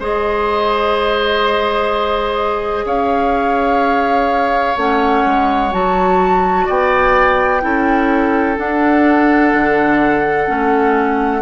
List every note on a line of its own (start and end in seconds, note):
0.00 2.85 G#3
0.00 4.77 G#4
0.00 2.86 C5
0.00 2.87 D#5
2.85 4.76 C#4
2.85 6.66 C#5
2.85 4.77 F5
4.77 5.24 A3
4.77 5.72 C#4
4.77 5.73 F#5
5.26 5.73 G#3
5.72 6.68 F#3
5.72 7.61 F#4
5.72 6.68 A5
6.66 7.64 B3
6.66 7.62 D5
6.66 8.59 G5
7.61 8.58 C#4
7.61 8.56 E4
7.61 11.42 A4
8.57 10.47 D4
8.57 9.54 D4
8.57 11.42 F#5
9.54 10.49 D3
10.47 11.42 A3
10.47 11.42 C#4